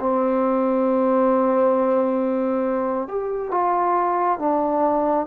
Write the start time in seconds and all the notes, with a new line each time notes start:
0.00 C4
3.08 G4
3.51 F4
4.39 D4